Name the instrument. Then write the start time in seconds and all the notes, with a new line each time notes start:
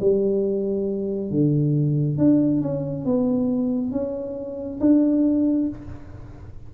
tuba
0.00 G3
1.30 D3
2.18 D4
2.61 C#4
3.05 B3
3.91 C#4
4.80 D4